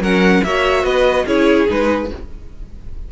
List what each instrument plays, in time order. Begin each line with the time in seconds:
0.00 cello F#3, viola C#4, violin A#4 F#5
0.44 cello A#3, viola F#4, violin C#5 E5
0.84 cello B3, violin B4 D#5
1.26 cello C#4, viola E4, violin G#4 C#5
1.68 cello G#3, viola D#4, violin B4